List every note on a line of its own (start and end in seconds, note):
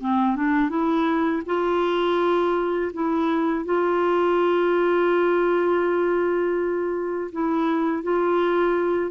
0.00 0.36 C4
0.36 0.69 D4
0.69 1.42 E4
1.45 2.92 F4
2.93 3.65 E4
3.65 7.31 F4
7.32 8.03 E4
8.03 9.11 F4